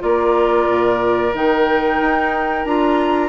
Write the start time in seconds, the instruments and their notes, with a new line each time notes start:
0.00 bassoon A#3, clarinet F4, oboe A#4, flute D5
0.68 bassoon A#2
1.34 bassoon D#3, clarinet D#4, flute G5
2.01 bassoon D#4
2.65 bassoon D4, clarinet F4, flute A#5